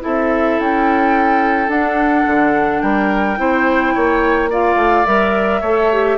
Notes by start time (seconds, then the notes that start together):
0.00 C4 E4 A4 E5
0.59 C#4 G5
1.68 D4 F#5
2.26 D3
2.81 G3 A#4 G5
3.37 C4 E4 C5
3.94 A#3 C#5
4.50 F4 D5 F5
4.75 A3
5.05 G3 A#4 E5
5.61 A3 A4 C#5
5.92 G4